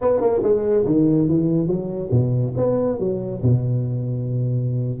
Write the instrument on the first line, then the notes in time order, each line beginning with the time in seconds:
tuba
0.01 B3
0.20 A#3
0.42 G#3
0.85 D#3
1.28 E3
1.67 F#3
2.11 B2
2.56 B3
2.99 F#3
3.42 B2